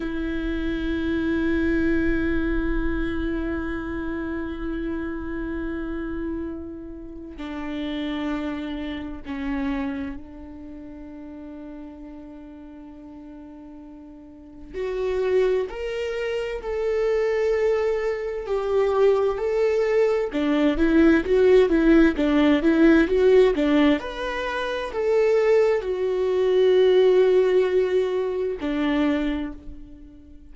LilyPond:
\new Staff \with { instrumentName = "viola" } { \time 4/4 \tempo 4 = 65 e'1~ | e'1 | d'2 cis'4 d'4~ | d'1 |
fis'4 ais'4 a'2 | g'4 a'4 d'8 e'8 fis'8 e'8 | d'8 e'8 fis'8 d'8 b'4 a'4 | fis'2. d'4 | }